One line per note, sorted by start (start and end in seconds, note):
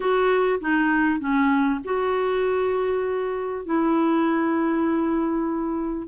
0.00 0.59 F#4
0.60 1.19 D#4
1.19 1.80 C#4
1.84 3.65 F#4
3.65 6.08 E4